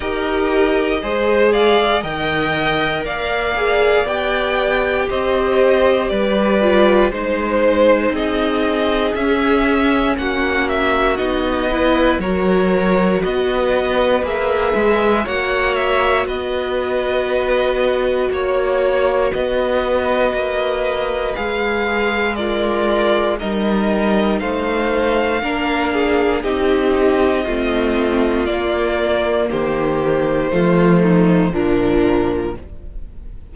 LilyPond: <<
  \new Staff \with { instrumentName = "violin" } { \time 4/4 \tempo 4 = 59 dis''4. f''8 g''4 f''4 | g''4 dis''4 d''4 c''4 | dis''4 e''4 fis''8 e''8 dis''4 | cis''4 dis''4 e''4 fis''8 e''8 |
dis''2 cis''4 dis''4~ | dis''4 f''4 d''4 dis''4 | f''2 dis''2 | d''4 c''2 ais'4 | }
  \new Staff \with { instrumentName = "violin" } { \time 4/4 ais'4 c''8 d''8 dis''4 d''4~ | d''4 c''4 b'4 c''4 | gis'2 fis'4. b'8 | ais'4 b'2 cis''4 |
b'2 cis''4 b'4~ | b'2 f'4 ais'4 | c''4 ais'8 gis'8 g'4 f'4~ | f'4 g'4 f'8 dis'8 d'4 | }
  \new Staff \with { instrumentName = "viola" } { \time 4/4 g'4 gis'4 ais'4. gis'8 | g'2~ g'8 f'8 dis'4~ | dis'4 cis'2 dis'8 e'8 | fis'2 gis'4 fis'4~ |
fis'1~ | fis'4 gis'4 ais'4 dis'4~ | dis'4 d'4 dis'4 c'4 | ais2 a4 f4 | }
  \new Staff \with { instrumentName = "cello" } { \time 4/4 dis'4 gis4 dis4 ais4 | b4 c'4 g4 gis4 | c'4 cis'4 ais4 b4 | fis4 b4 ais8 gis8 ais4 |
b2 ais4 b4 | ais4 gis2 g4 | a4 ais4 c'4 a4 | ais4 dis4 f4 ais,4 | }
>>